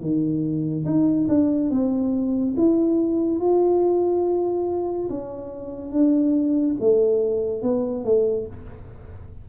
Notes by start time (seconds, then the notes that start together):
0.00 D#3
0.85 D#4
1.28 D4
1.70 C4
2.56 E4
3.39 F4
5.09 C#4
5.91 D4
6.80 A3
7.62 B3
8.04 A3